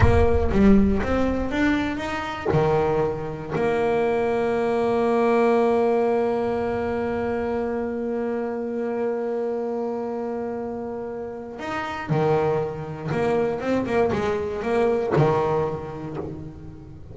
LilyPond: \new Staff \with { instrumentName = "double bass" } { \time 4/4 \tempo 4 = 119 ais4 g4 c'4 d'4 | dis'4 dis2 ais4~ | ais1~ | ais1~ |
ais1~ | ais2. dis'4 | dis2 ais4 c'8 ais8 | gis4 ais4 dis2 | }